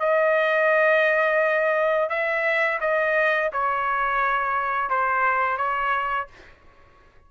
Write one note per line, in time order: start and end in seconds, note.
0.00 2.09 D#5
2.09 2.79 E5
2.81 3.50 D#5
3.52 4.90 C#5
4.90 5.58 C5
5.58 6.27 C#5